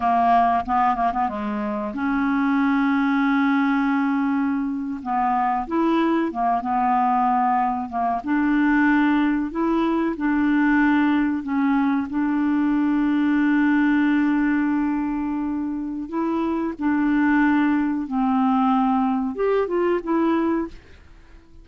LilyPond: \new Staff \with { instrumentName = "clarinet" } { \time 4/4 \tempo 4 = 93 ais4 b8 ais16 b16 gis4 cis'4~ | cis'2.~ cis'8. b16~ | b8. e'4 ais8 b4.~ b16~ | b16 ais8 d'2 e'4 d'16~ |
d'4.~ d'16 cis'4 d'4~ d'16~ | d'1~ | d'4 e'4 d'2 | c'2 g'8 f'8 e'4 | }